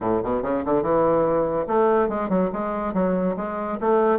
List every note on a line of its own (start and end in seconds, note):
0.00 0.21 A2
0.23 0.42 B2
0.42 0.63 C#3
0.65 0.82 D3
0.82 1.66 E3
1.67 2.09 A3
2.09 2.29 G#3
2.29 2.50 F#3
2.52 2.93 G#3
2.93 3.35 F#3
3.36 3.78 G#3
3.80 4.19 A3